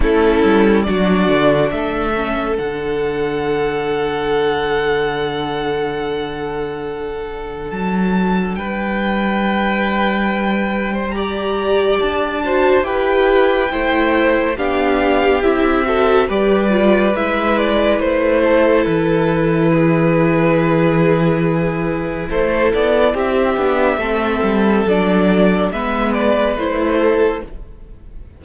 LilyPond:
<<
  \new Staff \with { instrumentName = "violin" } { \time 4/4 \tempo 4 = 70 a'4 d''4 e''4 fis''4~ | fis''1~ | fis''4 a''4 g''2~ | g''4 ais''4 a''4 g''4~ |
g''4 f''4 e''4 d''4 | e''8 d''8 c''4 b'2~ | b'2 c''8 d''8 e''4~ | e''4 d''4 e''8 d''8 c''4 | }
  \new Staff \with { instrumentName = "violin" } { \time 4/4 e'4 fis'4 a'2~ | a'1~ | a'2 b'2~ | b'8. c''16 d''4. c''8 b'4 |
c''4 g'4. a'8 b'4~ | b'4. a'4. gis'4~ | gis'2 a'4 g'4 | a'2 b'4. a'8 | }
  \new Staff \with { instrumentName = "viola" } { \time 4/4 cis'4 d'4. cis'8 d'4~ | d'1~ | d'1~ | d'4 g'4. fis'8 g'4 |
e'4 d'4 e'8 fis'8 g'8 f'8 | e'1~ | e'2.~ e'8 d'8 | c'4 d'4 b4 e'4 | }
  \new Staff \with { instrumentName = "cello" } { \time 4/4 a8 g8 fis8 d8 a4 d4~ | d1~ | d4 fis4 g2~ | g2 d'4 e'4 |
a4 b4 c'4 g4 | gis4 a4 e2~ | e2 a8 b8 c'8 b8 | a8 g8 fis4 gis4 a4 | }
>>